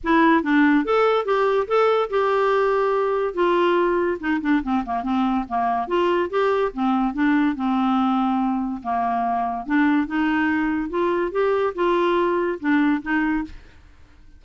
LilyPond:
\new Staff \with { instrumentName = "clarinet" } { \time 4/4 \tempo 4 = 143 e'4 d'4 a'4 g'4 | a'4 g'2. | f'2 dis'8 d'8 c'8 ais8 | c'4 ais4 f'4 g'4 |
c'4 d'4 c'2~ | c'4 ais2 d'4 | dis'2 f'4 g'4 | f'2 d'4 dis'4 | }